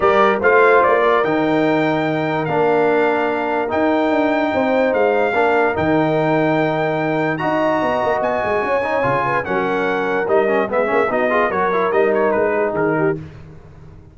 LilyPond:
<<
  \new Staff \with { instrumentName = "trumpet" } { \time 4/4 \tempo 4 = 146 d''4 f''4 d''4 g''4~ | g''2 f''2~ | f''4 g''2. | f''2 g''2~ |
g''2 ais''2 | gis''2. fis''4~ | fis''4 dis''4 e''4 dis''4 | cis''4 dis''8 cis''8 b'4 ais'4 | }
  \new Staff \with { instrumentName = "horn" } { \time 4/4 ais'4 c''4. ais'4.~ | ais'1~ | ais'2. c''4~ | c''4 ais'2.~ |
ais'2 dis''2~ | dis''4 cis''4. b'8 ais'4~ | ais'2 gis'4 fis'8 gis'8 | ais'2~ ais'8 gis'4 g'8 | }
  \new Staff \with { instrumentName = "trombone" } { \time 4/4 g'4 f'2 dis'4~ | dis'2 d'2~ | d'4 dis'2.~ | dis'4 d'4 dis'2~ |
dis'2 fis'2~ | fis'4. dis'8 f'4 cis'4~ | cis'4 dis'8 cis'8 b8 cis'8 dis'8 f'8 | fis'8 e'8 dis'2. | }
  \new Staff \with { instrumentName = "tuba" } { \time 4/4 g4 a4 ais4 dis4~ | dis2 ais2~ | ais4 dis'4 d'4 c'4 | gis4 ais4 dis2~ |
dis2 dis'4 b8 ais8 | b8 gis8 cis'4 cis4 fis4~ | fis4 g4 gis8 ais8 b4 | fis4 g4 gis4 dis4 | }
>>